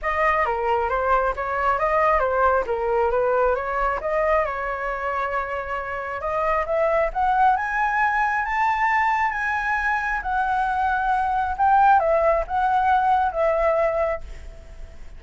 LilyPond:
\new Staff \with { instrumentName = "flute" } { \time 4/4 \tempo 4 = 135 dis''4 ais'4 c''4 cis''4 | dis''4 c''4 ais'4 b'4 | cis''4 dis''4 cis''2~ | cis''2 dis''4 e''4 |
fis''4 gis''2 a''4~ | a''4 gis''2 fis''4~ | fis''2 g''4 e''4 | fis''2 e''2 | }